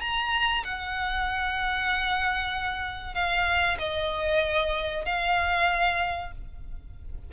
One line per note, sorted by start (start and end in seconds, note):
0.00 0.63 A#5
0.64 3.14 F#5
3.14 3.77 F5
3.78 5.05 D#5
5.05 6.31 F5